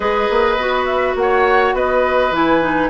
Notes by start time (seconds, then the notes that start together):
0.00 G#3 G#4 B4 D#5
0.29 A#3
0.56 B3 F#4
0.85 E5
1.15 A#3 C#5 F#5
1.73 B3 B4 D#5
2.30 E3 E4 G#5
2.61 D#4